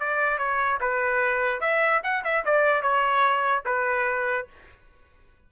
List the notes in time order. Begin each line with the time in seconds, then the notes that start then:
0.00 D5
0.39 C#5
0.81 B4
1.61 E5
2.04 F#5
2.24 E5
2.45 D5
2.83 C#5
3.66 B4